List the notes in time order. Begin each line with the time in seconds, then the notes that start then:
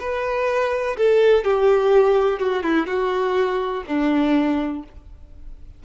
0.00 B4
0.98 A4
1.44 G4
2.40 F#4
2.63 E4
2.87 F#4
3.87 D4